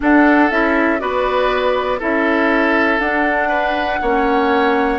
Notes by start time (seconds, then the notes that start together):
0.00 D4 A4 F#5
0.50 C#4 E4 E5
0.98 B3 F#4 B4 D5
1.99 C#4 E4 A4 E5
2.99 D4 F#5
3.48 B4
4.01 A#3 C#4 C#5